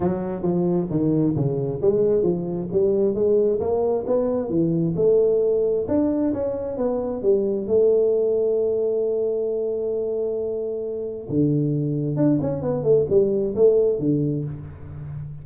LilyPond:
\new Staff \with { instrumentName = "tuba" } { \time 4/4 \tempo 4 = 133 fis4 f4 dis4 cis4 | gis4 f4 g4 gis4 | ais4 b4 e4 a4~ | a4 d'4 cis'4 b4 |
g4 a2.~ | a1~ | a4 d2 d'8 cis'8 | b8 a8 g4 a4 d4 | }